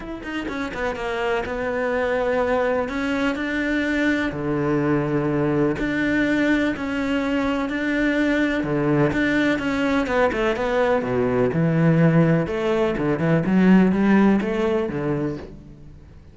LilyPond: \new Staff \with { instrumentName = "cello" } { \time 4/4 \tempo 4 = 125 e'8 dis'8 cis'8 b8 ais4 b4~ | b2 cis'4 d'4~ | d'4 d2. | d'2 cis'2 |
d'2 d4 d'4 | cis'4 b8 a8 b4 b,4 | e2 a4 d8 e8 | fis4 g4 a4 d4 | }